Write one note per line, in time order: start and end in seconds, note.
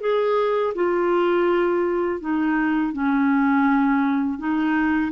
0.00 0.73 G#4
0.74 2.20 F4
2.20 2.92 D#4
2.92 4.38 C#4
4.38 5.11 D#4